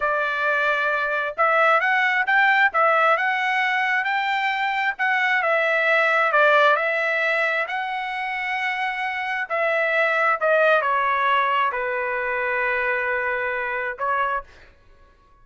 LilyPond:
\new Staff \with { instrumentName = "trumpet" } { \time 4/4 \tempo 4 = 133 d''2. e''4 | fis''4 g''4 e''4 fis''4~ | fis''4 g''2 fis''4 | e''2 d''4 e''4~ |
e''4 fis''2.~ | fis''4 e''2 dis''4 | cis''2 b'2~ | b'2. cis''4 | }